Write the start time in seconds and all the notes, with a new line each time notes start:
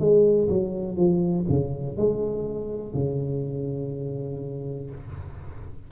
0.00 G#3
0.50 F#3
0.97 F3
1.49 C#3
1.97 G#3
2.94 C#3